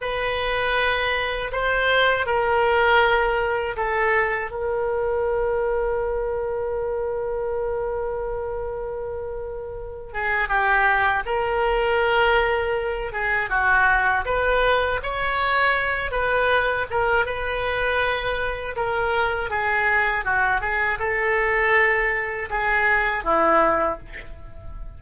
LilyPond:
\new Staff \with { instrumentName = "oboe" } { \time 4/4 \tempo 4 = 80 b'2 c''4 ais'4~ | ais'4 a'4 ais'2~ | ais'1~ | ais'4. gis'8 g'4 ais'4~ |
ais'4. gis'8 fis'4 b'4 | cis''4. b'4 ais'8 b'4~ | b'4 ais'4 gis'4 fis'8 gis'8 | a'2 gis'4 e'4 | }